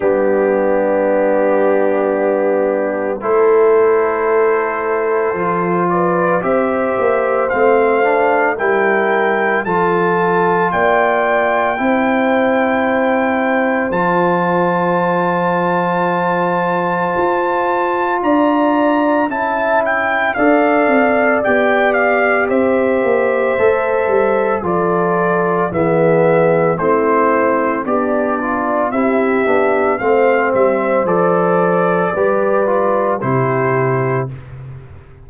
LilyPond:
<<
  \new Staff \with { instrumentName = "trumpet" } { \time 4/4 \tempo 4 = 56 g'2. c''4~ | c''4. d''8 e''4 f''4 | g''4 a''4 g''2~ | g''4 a''2.~ |
a''4 ais''4 a''8 g''8 f''4 | g''8 f''8 e''2 d''4 | e''4 c''4 d''4 e''4 | f''8 e''8 d''2 c''4 | }
  \new Staff \with { instrumentName = "horn" } { \time 4/4 d'2. a'4~ | a'4. b'8 c''2 | ais'4 a'4 d''4 c''4~ | c''1~ |
c''4 d''4 e''4 d''4~ | d''4 c''2 a'4 | gis'4 e'4 d'4 g'4 | c''2 b'4 g'4 | }
  \new Staff \with { instrumentName = "trombone" } { \time 4/4 b2. e'4~ | e'4 f'4 g'4 c'8 d'8 | e'4 f'2 e'4~ | e'4 f'2.~ |
f'2 e'4 a'4 | g'2 a'4 f'4 | b4 c'4 g'8 f'8 e'8 d'8 | c'4 a'4 g'8 f'8 e'4 | }
  \new Staff \with { instrumentName = "tuba" } { \time 4/4 g2. a4~ | a4 f4 c'8 ais8 a4 | g4 f4 ais4 c'4~ | c'4 f2. |
f'4 d'4 cis'4 d'8 c'8 | b4 c'8 ais8 a8 g8 f4 | e4 a4 b4 c'8 b8 | a8 g8 f4 g4 c4 | }
>>